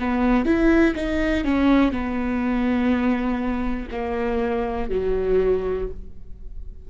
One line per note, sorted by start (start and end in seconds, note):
0.00 0.46 B3
0.46 0.95 E4
0.96 1.45 D#4
1.45 1.92 C#4
1.92 3.89 B3
3.92 4.90 A#3
4.90 5.89 F#3